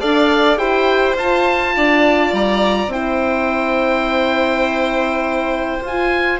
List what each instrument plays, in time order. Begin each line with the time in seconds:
0.00 bassoon D4, horn A4, violin D5, oboe F5
0.57 bassoon E4, horn G4, violin C5, oboe G5
1.15 bassoon F4, horn F4, oboe A5
1.76 bassoon D4, violin D5
2.33 bassoon G3, oboe A#5
2.87 bassoon C4, horn E4, oboe G5
2.93 violin C5
5.82 bassoon F4, horn F4, oboe G#5